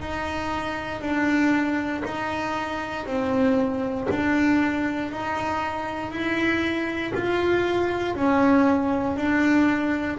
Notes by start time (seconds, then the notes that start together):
0.00 D#4
1.01 D4
2.05 D#4
3.06 C4
4.10 D4
5.12 D#4
6.11 E4
7.15 F4
8.15 C#4
9.17 D4